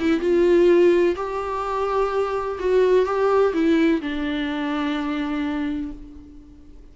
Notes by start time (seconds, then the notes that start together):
0.00 E4
0.21 F4
1.16 G4
2.60 F#4
3.06 G4
3.54 E4
4.02 D4